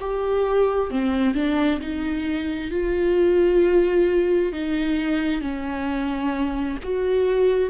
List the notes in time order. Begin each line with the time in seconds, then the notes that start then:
0.00 G4
0.90 C4
1.35 D4
1.80 D#4
2.71 F4
4.52 D#4
5.41 C#4
6.83 F#4